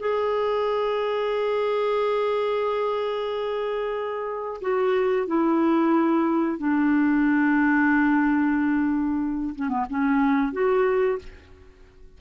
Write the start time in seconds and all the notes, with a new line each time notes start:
0.00 G#4
4.62 F#4
5.27 E4
6.58 D4
9.56 C#4
9.70 B3
9.90 C#4
10.53 F#4